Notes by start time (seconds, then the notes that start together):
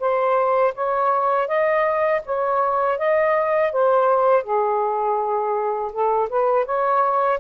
0.00 C5
0.75 C#5
1.48 D#5
2.26 C#5
2.98 D#5
3.73 C5
4.44 G#4
5.92 A4
6.30 B4
6.66 C#5